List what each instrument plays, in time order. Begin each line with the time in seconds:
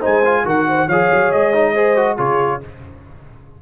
0.00 tuba G#3, trombone D#4, horn C5, trumpet G#5
0.25 trombone F4
0.45 tuba D#3, trombone F#4, horn A#4, trumpet F#5
0.68 horn C5
0.87 tuba F3, trombone G#4, horn C#5, trumpet F5
1.11 tuba F#3
1.31 tuba G#3, trumpet D#5
1.54 trombone D#4
1.74 trombone G#4, horn C5
1.96 trombone F#4
2.17 tuba C#3, trombone F4, horn G#4, trumpet C#5